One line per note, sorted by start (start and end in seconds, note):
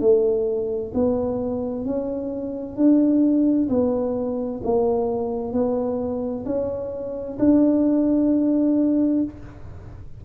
0.00 0.92 A3
0.94 1.85 B3
1.85 2.76 C#4
2.76 3.68 D4
3.69 4.61 B3
4.63 5.52 A#3
5.52 6.44 B3
6.45 7.38 C#4
7.38 9.23 D4